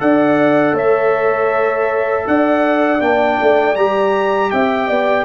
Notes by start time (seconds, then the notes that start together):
0.00 D4 A4 D5 F#5
0.73 A3 C#5 E5
2.27 D4 D5 F#5
3.00 A#3 D4 G5
3.41 A3
3.76 G3 G4 A#5
4.51 C4 E5 G5
4.88 B3 D5